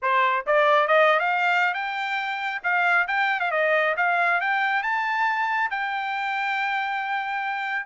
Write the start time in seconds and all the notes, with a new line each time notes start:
0.02 C5
0.46 D5
0.87 D#5
1.19 F5
1.74 G5
2.63 F5
3.07 G5
3.40 F5
3.51 D#5
3.97 F5
4.40 G5
4.82 A5
5.70 G5